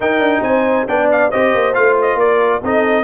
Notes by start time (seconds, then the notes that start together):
0.00 D#4 A#4 G5
0.19 D4
0.42 C4 C5 G#5
0.87 B3 D4 D5 G5
1.11 F5
1.30 C4 G4 C5 D#5
1.54 A#3
1.73 A3 F4 F5
2.01 D#5
2.15 A#3 A#4 D5
2.63 C4 D#4 A4 D#5